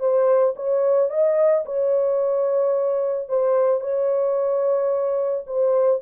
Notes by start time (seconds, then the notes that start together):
0.00 C5
0.56 C#5
1.10 D#5
1.66 C#5
3.29 C5
3.81 C#5
5.47 C5